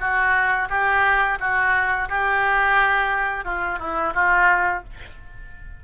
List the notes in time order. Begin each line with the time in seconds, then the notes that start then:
0.00 F#4
0.70 G4
1.40 F#4
2.09 G4
3.45 F4
3.79 E4
4.15 F4